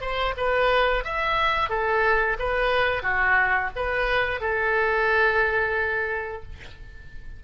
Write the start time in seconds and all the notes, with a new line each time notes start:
0.00 C5
0.36 B4
1.04 E5
1.69 A4
2.38 B4
3.02 F#4
3.75 B4
4.40 A4